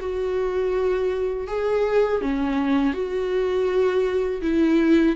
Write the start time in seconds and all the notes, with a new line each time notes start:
0.00 F#4
1.47 G#4
2.21 C#4
2.93 F#4
4.42 E4